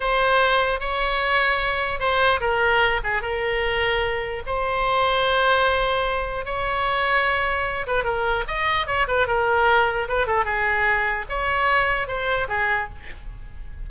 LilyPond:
\new Staff \with { instrumentName = "oboe" } { \time 4/4 \tempo 4 = 149 c''2 cis''2~ | cis''4 c''4 ais'4. gis'8 | ais'2. c''4~ | c''1 |
cis''2.~ cis''8 b'8 | ais'4 dis''4 cis''8 b'8 ais'4~ | ais'4 b'8 a'8 gis'2 | cis''2 c''4 gis'4 | }